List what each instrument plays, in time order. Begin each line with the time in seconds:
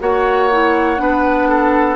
0.00 bassoon A#3, clarinet F#4, oboe C#5, flute F#5
0.52 clarinet E4
0.97 bassoon B3, clarinet D4, oboe B4
1.49 oboe A4